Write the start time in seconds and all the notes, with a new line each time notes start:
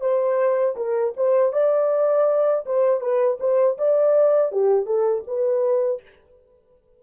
0.00 C5
0.76 A#4
1.16 C5
1.52 D5
2.66 C5
3.00 B4
3.40 C5
3.78 D5
4.51 G4
4.85 A4
5.27 B4